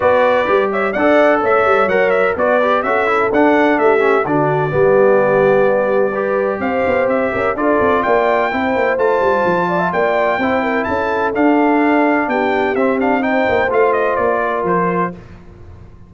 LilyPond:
<<
  \new Staff \with { instrumentName = "trumpet" } { \time 4/4 \tempo 4 = 127 d''4. e''8 fis''4 e''4 | fis''8 e''8 d''4 e''4 fis''4 | e''4 d''2.~ | d''2 f''4 e''4 |
d''4 g''2 a''4~ | a''4 g''2 a''4 | f''2 g''4 e''8 f''8 | g''4 f''8 dis''8 d''4 c''4 | }
  \new Staff \with { instrumentName = "horn" } { \time 4/4 b'4. cis''8 d''4 cis''4~ | cis''4 b'4 a'2 | g'4 fis'4 g'2~ | g'4 b'4 c''4. ais'8 |
a'4 d''4 c''2~ | c''8 d''16 e''16 d''4 c''8 ais'8 a'4~ | a'2 g'2 | c''2~ c''8 ais'4. | }
  \new Staff \with { instrumentName = "trombone" } { \time 4/4 fis'4 g'4 a'2 | ais'4 fis'8 g'8 fis'8 e'8 d'4~ | d'8 cis'8 d'4 b2~ | b4 g'2. |
f'2 e'4 f'4~ | f'2 e'2 | d'2. c'8 d'8 | dis'4 f'2. | }
  \new Staff \with { instrumentName = "tuba" } { \time 4/4 b4 g4 d'4 a8 g8 | fis4 b4 cis'4 d'4 | a4 d4 g2~ | g2 c'8 b8 c'8 cis'8 |
d'8 c'8 ais4 c'8 ais8 a8 g8 | f4 ais4 c'4 cis'4 | d'2 b4 c'4~ | c'8 ais8 a4 ais4 f4 | }
>>